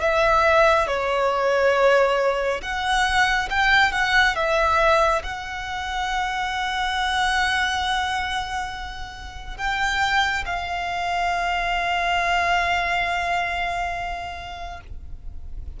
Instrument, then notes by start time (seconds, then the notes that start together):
violin
0.00 E5
0.87 C#5
2.62 F#5
3.49 G5
3.92 F#5
4.35 E5
5.23 F#5
9.57 G5
10.45 F5